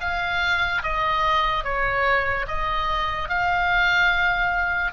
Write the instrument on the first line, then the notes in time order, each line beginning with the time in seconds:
oboe
0.00 F5
0.83 D#5
1.64 C#5
2.47 D#5
3.29 F5